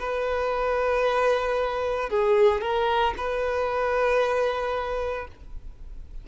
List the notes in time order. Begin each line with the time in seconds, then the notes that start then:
0.00 B4
2.10 G#4
2.62 A#4
3.18 B4